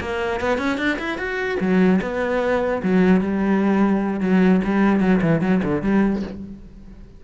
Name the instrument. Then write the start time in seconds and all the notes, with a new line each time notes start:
cello
0.00 A#3
0.40 B3
0.58 C#4
0.77 D4
0.99 E4
1.18 F#4
1.60 F#3
2.01 B3
2.83 F#3
3.20 G3
4.20 F#3
4.64 G3
5.00 F#3
5.21 E3
5.41 F#3
5.63 D3
5.82 G3